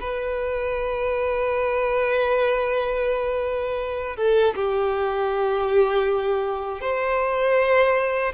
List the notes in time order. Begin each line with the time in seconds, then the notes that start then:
0.00 B4
4.16 A4
4.55 G4
6.81 C5